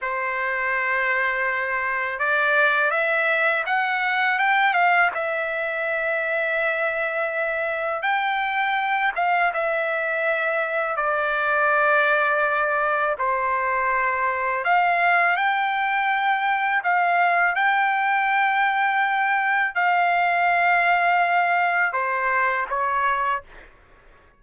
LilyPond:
\new Staff \with { instrumentName = "trumpet" } { \time 4/4 \tempo 4 = 82 c''2. d''4 | e''4 fis''4 g''8 f''8 e''4~ | e''2. g''4~ | g''8 f''8 e''2 d''4~ |
d''2 c''2 | f''4 g''2 f''4 | g''2. f''4~ | f''2 c''4 cis''4 | }